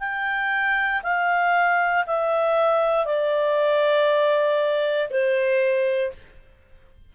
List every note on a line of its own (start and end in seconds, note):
0.00 1.02 G5
1.03 2.05 F5
2.07 3.06 E5
3.06 5.09 D5
5.10 6.12 C5